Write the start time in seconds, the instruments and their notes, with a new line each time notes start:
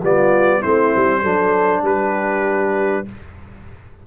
0.00 tuba G3, trombone B3, horn F4, trumpet D5
0.59 tuba A3, trombone C4, horn E4, trumpet C5
0.96 tuba G3
1.22 tuba F#3, trombone D4, horn A4
1.83 tuba G3, horn G4, trumpet B4